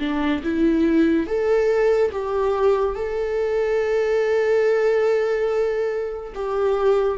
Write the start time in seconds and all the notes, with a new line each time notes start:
0.00 D4
0.43 E4
1.27 A4
2.12 G4
2.95 A4
6.35 G4